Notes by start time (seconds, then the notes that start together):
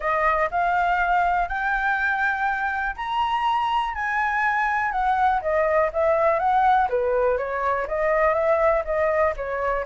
0.00 D#5
0.50 F5
1.48 G5
2.96 A#5
3.94 G#5
4.91 F#5
5.41 D#5
5.92 E5
6.39 F#5
6.89 B4
7.37 C#5
7.87 D#5
8.34 E5
8.84 D#5
9.36 C#5